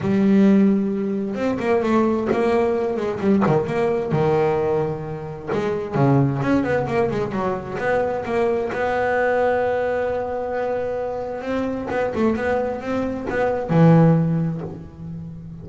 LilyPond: \new Staff \with { instrumentName = "double bass" } { \time 4/4 \tempo 4 = 131 g2. c'8 ais8 | a4 ais4. gis8 g8 dis8 | ais4 dis2. | gis4 cis4 cis'8 b8 ais8 gis8 |
fis4 b4 ais4 b4~ | b1~ | b4 c'4 b8 a8 b4 | c'4 b4 e2 | }